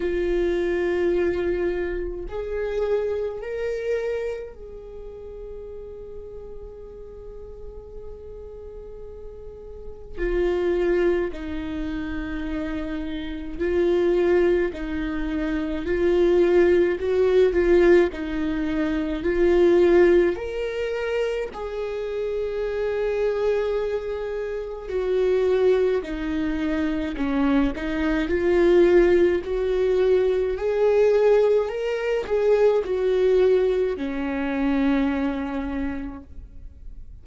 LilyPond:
\new Staff \with { instrumentName = "viola" } { \time 4/4 \tempo 4 = 53 f'2 gis'4 ais'4 | gis'1~ | gis'4 f'4 dis'2 | f'4 dis'4 f'4 fis'8 f'8 |
dis'4 f'4 ais'4 gis'4~ | gis'2 fis'4 dis'4 | cis'8 dis'8 f'4 fis'4 gis'4 | ais'8 gis'8 fis'4 cis'2 | }